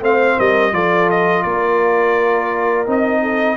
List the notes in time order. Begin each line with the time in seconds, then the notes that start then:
0.00 A3 C4 C5 F5
0.38 G3 A#4 D#5
0.72 F3 F4 A4 D5
1.10 D#5
1.42 A#3 A#4 D5
2.86 C4 D#4 D#5
3.22 A4